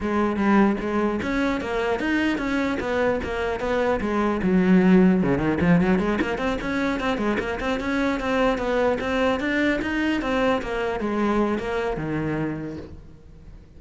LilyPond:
\new Staff \with { instrumentName = "cello" } { \time 4/4 \tempo 4 = 150 gis4 g4 gis4 cis'4 | ais4 dis'4 cis'4 b4 | ais4 b4 gis4 fis4~ | fis4 cis8 dis8 f8 fis8 gis8 ais8 |
c'8 cis'4 c'8 gis8 ais8 c'8 cis'8~ | cis'8 c'4 b4 c'4 d'8~ | d'8 dis'4 c'4 ais4 gis8~ | gis4 ais4 dis2 | }